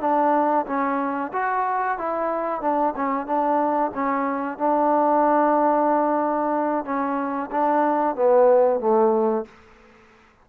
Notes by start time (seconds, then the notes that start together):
0.00 D4
0.66 C#4
1.33 F#4
1.98 E4
2.61 D4
2.96 C#4
3.26 D4
3.94 C#4
4.58 D4
6.84 C#4
7.51 D4
8.16 B3
8.80 A3